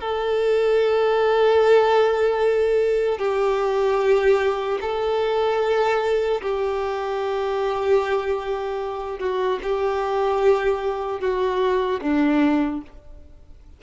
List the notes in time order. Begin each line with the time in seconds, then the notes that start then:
0.00 A4
3.18 G4
4.81 A4
6.41 G4
9.19 F#4
9.62 G4
11.20 F#4
12.01 D4